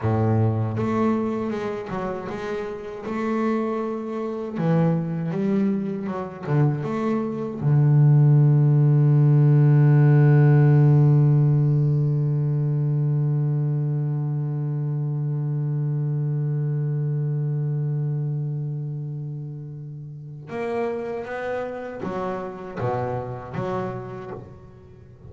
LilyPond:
\new Staff \with { instrumentName = "double bass" } { \time 4/4 \tempo 4 = 79 a,4 a4 gis8 fis8 gis4 | a2 e4 g4 | fis8 d8 a4 d2~ | d1~ |
d1~ | d1~ | d2. ais4 | b4 fis4 b,4 fis4 | }